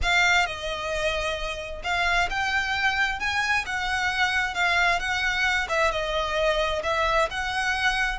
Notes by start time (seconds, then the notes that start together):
0.02 F5
0.45 D#5
1.83 F5
2.30 G5
3.19 G#5
3.65 F#5
4.54 F5
4.99 F#5
5.68 E5
5.91 D#5
6.83 E5
7.30 F#5